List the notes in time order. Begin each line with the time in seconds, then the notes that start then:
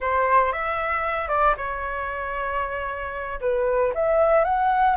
0.00 C5
0.52 E5
1.28 D5
1.57 C#5
3.40 B4
3.94 E5
4.44 F#5